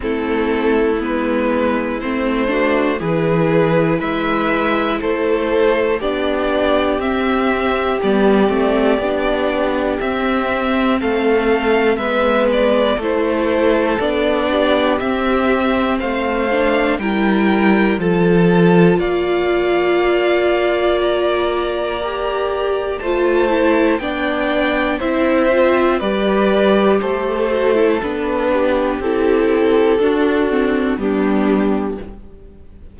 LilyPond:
<<
  \new Staff \with { instrumentName = "violin" } { \time 4/4 \tempo 4 = 60 a'4 b'4 c''4 b'4 | e''4 c''4 d''4 e''4 | d''2 e''4 f''4 | e''8 d''8 c''4 d''4 e''4 |
f''4 g''4 a''4 f''4~ | f''4 ais''2 a''4 | g''4 e''4 d''4 c''4 | b'4 a'2 g'4 | }
  \new Staff \with { instrumentName = "violin" } { \time 4/4 e'2~ e'8 fis'8 gis'4 | b'4 a'4 g'2~ | g'2. a'4 | b'4 a'4. g'4. |
c''4 ais'4 a'4 d''4~ | d''2. c''4 | d''4 c''4 b'4 a'4~ | a'8 g'4. fis'4 d'4 | }
  \new Staff \with { instrumentName = "viola" } { \time 4/4 c'4 b4 c'8 d'8 e'4~ | e'2 d'4 c'4 | b8 c'8 d'4 c'2 | b4 e'4 d'4 c'4~ |
c'8 d'8 e'4 f'2~ | f'2 g'4 f'8 e'8 | d'4 e'8 f'8 g'4. fis'16 e'16 | d'4 e'4 d'8 c'8 b4 | }
  \new Staff \with { instrumentName = "cello" } { \time 4/4 a4 gis4 a4 e4 | gis4 a4 b4 c'4 | g8 a8 b4 c'4 a4 | gis4 a4 b4 c'4 |
a4 g4 f4 ais4~ | ais2. a4 | b4 c'4 g4 a4 | b4 c'4 d'4 g4 | }
>>